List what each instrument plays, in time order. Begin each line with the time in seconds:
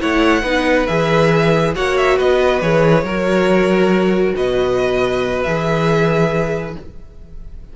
0.00 cello A3, viola E4, violin C#5 F#5
0.42 cello B3, viola D#4, violin B4
0.87 cello E3, viola G#4, violin E5
1.75 cello A#3, viola F#4, violin C#5 F#5
1.97 violin E5
2.17 cello B3, violin B4 D#5
2.61 cello E3, viola G#4, violin C#5
3.03 cello F#3, viola F#4, violin A#4
4.36 cello B2, violin B4 D#5
5.43 cello E3, viola G#4, violin E5